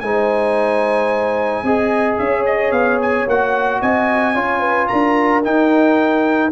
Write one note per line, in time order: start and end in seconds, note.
0.00 1.63 G#3
0.00 1.65 D#4
0.00 1.65 C5
0.00 2.16 G#5
1.63 2.17 C4
1.63 3.27 G#4
1.63 2.19 D#5
2.17 2.71 C#4
2.17 3.81 C#5
2.17 2.44 E5
2.45 2.71 D#5
2.71 3.25 B3
2.71 2.98 F5
3.01 3.28 G#5
3.26 3.80 A#3
3.26 4.34 F#4
3.26 3.81 F#5
3.81 4.35 C4
3.81 4.35 D#5
3.81 4.87 G#5
4.34 4.89 C#4
4.34 5.42 F4
4.34 4.60 C#5
4.60 4.87 B4
4.87 5.45 D4
4.87 6.51 A#4
4.87 5.42 A#5
5.43 6.51 D#4
5.43 6.52 D#4
5.43 6.52 G5